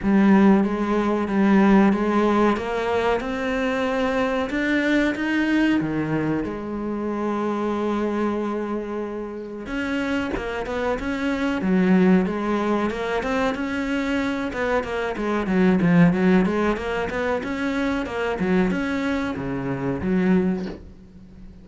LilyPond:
\new Staff \with { instrumentName = "cello" } { \time 4/4 \tempo 4 = 93 g4 gis4 g4 gis4 | ais4 c'2 d'4 | dis'4 dis4 gis2~ | gis2. cis'4 |
ais8 b8 cis'4 fis4 gis4 | ais8 c'8 cis'4. b8 ais8 gis8 | fis8 f8 fis8 gis8 ais8 b8 cis'4 | ais8 fis8 cis'4 cis4 fis4 | }